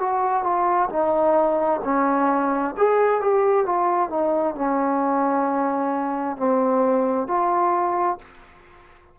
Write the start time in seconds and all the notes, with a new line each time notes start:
0.00 F#4
0.44 F4
0.90 D#4
1.84 C#4
2.78 G#4
3.21 G4
3.66 F4
4.10 D#4
4.55 C#4
6.37 C4
7.28 F4